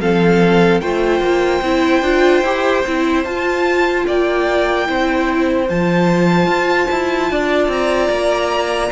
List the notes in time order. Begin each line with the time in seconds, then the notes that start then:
0.00 F3 C4 A4 F5
0.80 A3 F4 C5 G5
1.20 A#3
1.61 C4 E4
2.01 D4 F4
2.42 E4 G4
2.86 C4 E4
3.24 F4 A5
4.06 A#3 D5 G5
4.86 C4 E4 C5
5.67 F3 F4 A5
6.46 F4
6.91 E4
7.31 D4 D5
7.68 C4 A#5
8.09 A#3